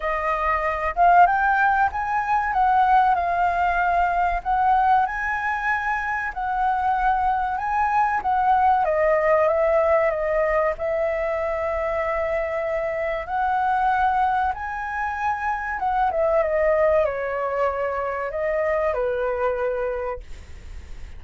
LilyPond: \new Staff \with { instrumentName = "flute" } { \time 4/4 \tempo 4 = 95 dis''4. f''8 g''4 gis''4 | fis''4 f''2 fis''4 | gis''2 fis''2 | gis''4 fis''4 dis''4 e''4 |
dis''4 e''2.~ | e''4 fis''2 gis''4~ | gis''4 fis''8 e''8 dis''4 cis''4~ | cis''4 dis''4 b'2 | }